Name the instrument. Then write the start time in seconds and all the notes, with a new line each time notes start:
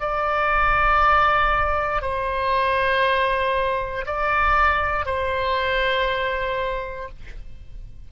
oboe
0.00 D5
2.02 C5
4.06 D5
5.06 C5